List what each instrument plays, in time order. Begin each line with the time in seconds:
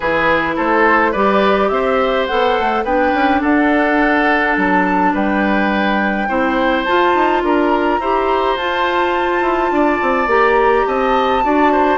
0.00 bassoon E3, clarinet E4, oboe G#4, flute B4
0.56 bassoon A3, oboe A4, flute C5
1.11 bassoon G3, clarinet G4, oboe B4, flute D5
1.68 bassoon C4, oboe C5, flute E5
2.26 bassoon B3, clarinet A4, flute F#5
2.59 bassoon A3
2.84 bassoon B3, clarinet D4, oboe B4, flute G5
3.13 bassoon C#4
3.41 bassoon D4, oboe A4, flute F#5
4.56 bassoon F#3, flute A5
5.13 bassoon G3, oboe B4, flute G5
6.28 bassoon C4, clarinet E4, oboe C5
6.84 clarinet F4, bassoon F4, flute A5
7.14 bassoon D#4
7.42 bassoon D4, oboe A#4, flute A#5
7.99 bassoon E4, clarinet G4, oboe C5
8.55 bassoon F4, clarinet F4, flute A5
9.41 bassoon E4
9.70 bassoon D4, oboe D5
10.02 bassoon C4
10.26 bassoon A#3, clarinet G4, flute A#5
10.86 bassoon C4, oboe D#5, flute A5
11.42 bassoon D4, clarinet F#4, oboe D5
11.71 oboe C5